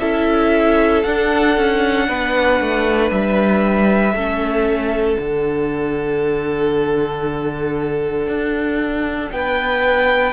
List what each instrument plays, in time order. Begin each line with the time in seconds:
0.00 cello C#4, viola E4, violin A4 E5
1.03 cello D4, viola D4, violin F#5
1.57 cello C#4
2.08 cello B3, violin B4
2.61 cello A3
3.11 cello G3, violin E5
4.14 cello A3, viola C#4, violin A4
5.18 cello D3, viola D4, violin F#5
8.27 cello D4
9.32 cello B3, violin B4 G5